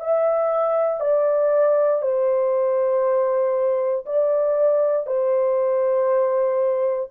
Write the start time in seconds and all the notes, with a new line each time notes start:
0.00 E5
1.00 D5
2.02 C5
4.06 D5
5.07 C5